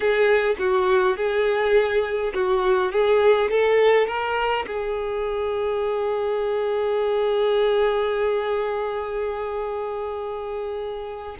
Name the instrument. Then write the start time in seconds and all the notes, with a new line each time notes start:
violin
0.00 G#4
0.58 F#4
1.16 G#4
2.34 F#4
2.92 G#4
3.50 A4
4.07 A#4
4.67 G#4